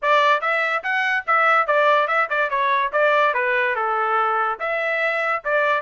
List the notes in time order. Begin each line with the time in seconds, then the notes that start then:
0.02 D5
0.41 E5
0.83 F#5
1.27 E5
1.67 D5
2.07 E5
2.29 D5
2.49 C#5
2.92 D5
3.34 B4
3.75 A4
4.59 E5
5.44 D5